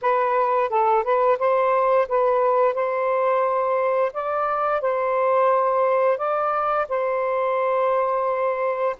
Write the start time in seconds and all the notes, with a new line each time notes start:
0.01 B4
0.69 A4
1.03 B4
1.38 C5
2.08 B4
2.74 C5
4.13 D5
4.81 C5
6.17 D5
6.88 C5